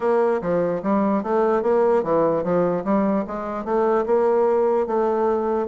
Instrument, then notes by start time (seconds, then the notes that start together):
bassoon
0.00 A#3
0.41 F3
0.82 G3
1.23 A3
1.62 A#3
2.03 E3
2.43 F3
2.84 G3
3.27 G#3
3.64 A3
4.05 A#3
4.86 A3